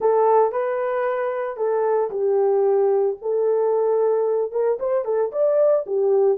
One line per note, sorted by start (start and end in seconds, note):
0.00 0.52 A4
0.52 1.56 B4
1.56 2.09 A4
2.10 3.16 G4
3.21 4.51 A4
4.51 4.78 A#4
4.79 5.04 C5
5.04 5.31 A4
5.31 5.85 D5
5.86 6.38 G4